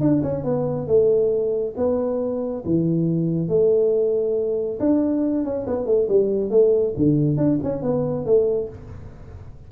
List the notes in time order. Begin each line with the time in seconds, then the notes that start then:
0.00 D4
0.23 C#4
0.43 B3
0.87 A3
1.76 B3
2.65 E3
3.48 A3
4.79 D4
5.44 C#4
5.66 B3
5.86 A3
6.08 G3
6.50 A3
6.96 D3
7.37 D4
7.63 C#4
7.82 B3
8.25 A3